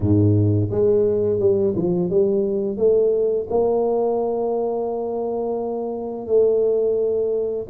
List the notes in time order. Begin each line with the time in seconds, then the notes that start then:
0.00 G#2
0.70 G#3
1.39 G3
1.75 F3
2.09 G3
2.77 A3
3.49 A#3
6.27 A3